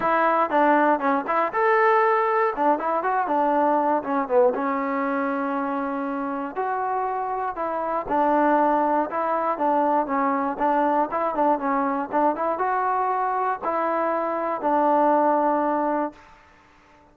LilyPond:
\new Staff \with { instrumentName = "trombone" } { \time 4/4 \tempo 4 = 119 e'4 d'4 cis'8 e'8 a'4~ | a'4 d'8 e'8 fis'8 d'4. | cis'8 b8 cis'2.~ | cis'4 fis'2 e'4 |
d'2 e'4 d'4 | cis'4 d'4 e'8 d'8 cis'4 | d'8 e'8 fis'2 e'4~ | e'4 d'2. | }